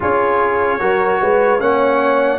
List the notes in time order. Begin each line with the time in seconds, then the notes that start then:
0.00 C#4 F4 G#4 C#5
0.79 F#3 F#4 A#4
1.21 G#3 B4
1.59 A#3 C#4 C#5 F#5